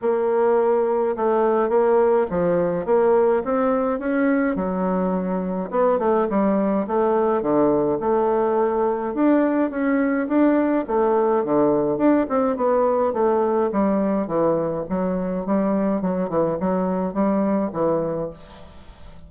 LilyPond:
\new Staff \with { instrumentName = "bassoon" } { \time 4/4 \tempo 4 = 105 ais2 a4 ais4 | f4 ais4 c'4 cis'4 | fis2 b8 a8 g4 | a4 d4 a2 |
d'4 cis'4 d'4 a4 | d4 d'8 c'8 b4 a4 | g4 e4 fis4 g4 | fis8 e8 fis4 g4 e4 | }